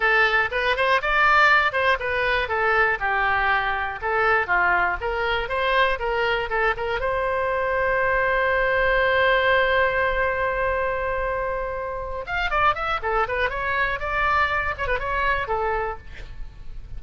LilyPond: \new Staff \with { instrumentName = "oboe" } { \time 4/4 \tempo 4 = 120 a'4 b'8 c''8 d''4. c''8 | b'4 a'4 g'2 | a'4 f'4 ais'4 c''4 | ais'4 a'8 ais'8 c''2~ |
c''1~ | c''1~ | c''8 f''8 d''8 e''8 a'8 b'8 cis''4 | d''4. cis''16 b'16 cis''4 a'4 | }